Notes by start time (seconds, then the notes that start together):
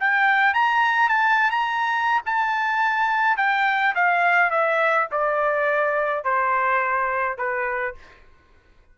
0.00 G5
0.54 A#5
1.09 A5
1.51 A#5
2.26 A5
3.37 G5
3.95 F5
4.51 E5
5.11 D5
6.24 C5
7.38 B4